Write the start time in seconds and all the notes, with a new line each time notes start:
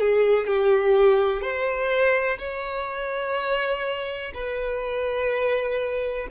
0.00 G#4
0.47 G4
1.42 C5
2.39 C#5
4.35 B4